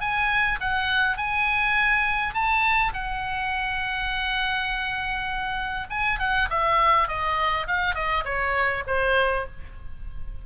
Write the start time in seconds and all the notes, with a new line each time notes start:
0.00 G#5
0.60 F#5
1.17 G#5
2.34 A5
2.93 F#5
5.90 G#5
6.19 F#5
6.50 E5
7.08 D#5
7.67 F5
7.94 D#5
8.25 C#5
8.87 C5